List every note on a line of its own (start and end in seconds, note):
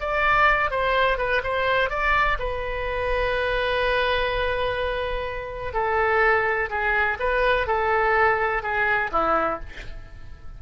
0.00 0.70 D5
0.70 1.18 C5
1.18 1.42 B4
1.43 1.89 C5
1.89 2.37 D5
2.39 5.73 B4
5.73 6.69 A4
6.70 7.18 G#4
7.19 7.67 B4
7.67 8.62 A4
8.62 9.10 G#4
9.12 9.60 E4